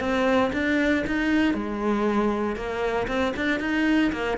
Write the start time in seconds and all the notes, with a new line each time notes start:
0.00 C4
0.53 D4
1.07 D#4
1.54 G#3
2.56 A#3
3.08 C4
3.36 D4
3.60 D#4
4.13 A#3